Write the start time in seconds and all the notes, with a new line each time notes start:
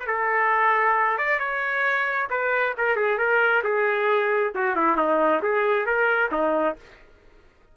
0.00 B4
0.07 A4
1.18 D5
1.40 C#5
2.30 B4
2.78 A#4
2.97 G#4
3.19 A#4
3.64 G#4
4.55 F#4
4.76 E4
4.97 D#4
5.43 G#4
5.87 A#4
6.32 D#4